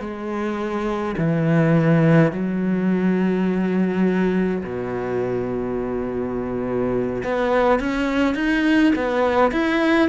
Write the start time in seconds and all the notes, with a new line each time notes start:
0.00 G#3
1.17 E3
2.32 F#3
4.64 B2
7.24 B3
7.80 C#4
8.35 D#4
8.96 B3
9.52 E4